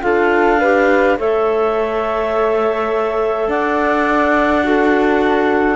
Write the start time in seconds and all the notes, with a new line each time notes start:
0.00 D4 F4 A4 F5
0.59 G4 B4
1.18 A3 A4 C#5 E5
3.48 D4 D5 F#5
4.64 F#4 A4